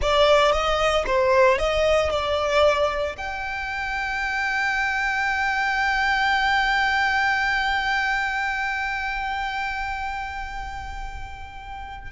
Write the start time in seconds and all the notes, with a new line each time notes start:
0.01 D5
0.52 D#5
1.06 C5
1.58 D#5
2.10 D5
3.17 G5